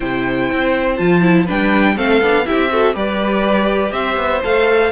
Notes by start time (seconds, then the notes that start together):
0.00 C3 E4 C5 G5
0.51 C4
0.97 F3 F4 A5
1.21 E4
1.45 G3 D4 B4 G5
1.96 A3 C4 A4 F5
2.21 B3 D4
2.44 E4 G4 E5
2.51 C4
2.69 F#4 A4
2.93 G3 G4 B4 D5
3.91 C4 C5 E5
4.16 B3
4.43 A3 A4 F5